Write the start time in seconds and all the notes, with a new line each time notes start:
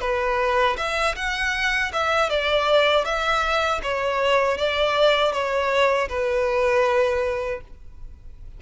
0.00 B4
0.77 E5
1.15 F#5
1.93 E5
2.29 D5
3.05 E5
3.83 C#5
4.57 D5
5.32 C#5
6.09 B4